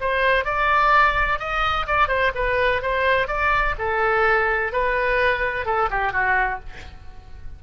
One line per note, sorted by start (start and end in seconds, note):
0.00 0.44 C5
0.44 1.39 D5
1.39 1.86 D#5
1.87 2.07 D5
2.07 2.31 C5
2.34 2.82 B4
2.82 3.27 C5
3.27 3.75 D5
3.78 4.72 A4
4.72 5.65 B4
5.65 5.89 A4
5.90 6.12 G4
6.12 6.59 F#4